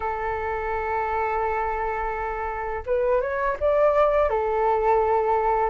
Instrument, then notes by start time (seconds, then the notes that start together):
flute
0.00 A4
2.86 B4
3.21 C#5
3.59 D5
4.29 A4